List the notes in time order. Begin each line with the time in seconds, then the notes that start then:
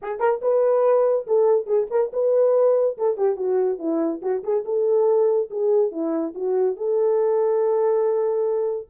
0.01 G#4
0.19 A#4
0.41 B4
1.26 A4
1.66 G#4
1.90 A#4
2.12 B4
2.97 A4
3.17 G4
3.36 F#4
3.79 E4
4.22 F#4
4.43 G#4
4.64 A4
5.50 G#4
5.91 E4
6.35 F#4
6.76 A4